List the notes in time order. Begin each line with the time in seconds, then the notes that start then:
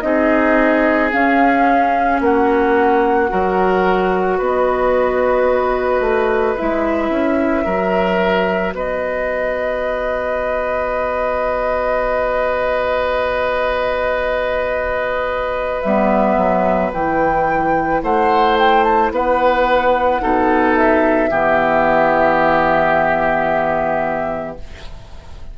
0.00 C4 D#4 G#4 D#5
1.12 C#4 F5
2.21 A#3 F#4 F#5
3.29 F#3 F#4 A#4
4.38 B3 B4 D#5
6.00 A3
6.57 G#3 E4 E5
7.10 C#4
7.65 F#3 F#4 A#4
8.73 B3 B4 D#5
15.82 G3 B3 E5
16.37 F#3
16.93 E3 E4 G5
18.03 A3 C5 F#5
18.59 G5
18.84 A5
19.11 B3 B4 F#5
20.21 B2 D#4 A4
20.75 E5
21.30 E3 B3 G4